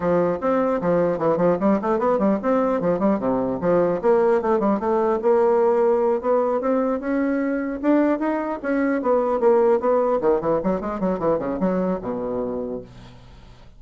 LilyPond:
\new Staff \with { instrumentName = "bassoon" } { \time 4/4 \tempo 4 = 150 f4 c'4 f4 e8 f8 | g8 a8 b8 g8 c'4 f8 g8 | c4 f4 ais4 a8 g8 | a4 ais2~ ais8 b8~ |
b8 c'4 cis'2 d'8~ | d'8 dis'4 cis'4 b4 ais8~ | ais8 b4 dis8 e8 fis8 gis8 fis8 | e8 cis8 fis4 b,2 | }